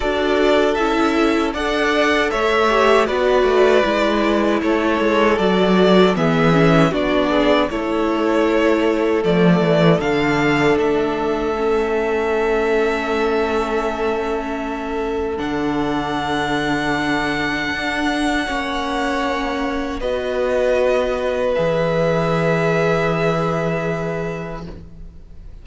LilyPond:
<<
  \new Staff \with { instrumentName = "violin" } { \time 4/4 \tempo 4 = 78 d''4 e''4 fis''4 e''4 | d''2 cis''4 d''4 | e''4 d''4 cis''2 | d''4 f''4 e''2~ |
e''1 | fis''1~ | fis''2 dis''2 | e''1 | }
  \new Staff \with { instrumentName = "violin" } { \time 4/4 a'2 d''4 cis''4 | b'2 a'2 | gis'4 fis'8 gis'8 a'2~ | a'1~ |
a'1~ | a'1 | cis''2 b'2~ | b'1 | }
  \new Staff \with { instrumentName = "viola" } { \time 4/4 fis'4 e'4 a'4. g'8 | fis'4 e'2 fis'4 | b8 cis'8 d'4 e'2 | a4 d'2 cis'4~ |
cis'1 | d'1 | cis'2 fis'2 | gis'1 | }
  \new Staff \with { instrumentName = "cello" } { \time 4/4 d'4 cis'4 d'4 a4 | b8 a8 gis4 a8 gis8 fis4 | e4 b4 a2 | f8 e8 d4 a2~ |
a1 | d2. d'4 | ais2 b2 | e1 | }
>>